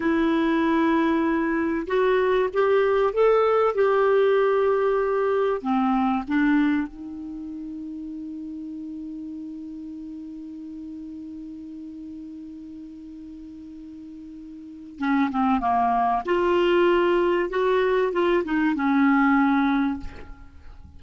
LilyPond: \new Staff \with { instrumentName = "clarinet" } { \time 4/4 \tempo 4 = 96 e'2. fis'4 | g'4 a'4 g'2~ | g'4 c'4 d'4 dis'4~ | dis'1~ |
dis'1~ | dis'1 | cis'8 c'8 ais4 f'2 | fis'4 f'8 dis'8 cis'2 | }